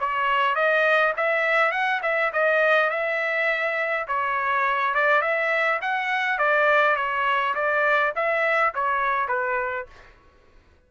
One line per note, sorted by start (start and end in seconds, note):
0.00 0.55 C#5
0.55 1.14 D#5
1.17 1.72 E5
1.72 2.01 F#5
2.03 2.32 E5
2.33 2.90 D#5
2.90 4.07 E5
4.08 4.95 C#5
4.95 5.22 D5
5.22 5.80 E5
5.82 6.39 F#5
6.39 6.96 D5
6.96 7.55 C#5
7.55 8.13 D5
8.16 8.74 E5
8.75 9.28 C#5
9.28 9.87 B4